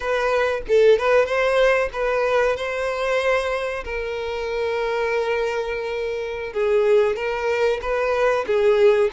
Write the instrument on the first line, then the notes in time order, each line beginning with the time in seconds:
violin
0.00 B4
0.68 A4
0.98 B4
1.25 C5
1.93 B4
2.56 C5
3.84 A#4
6.53 G#4
7.16 A#4
7.81 B4
8.46 G#4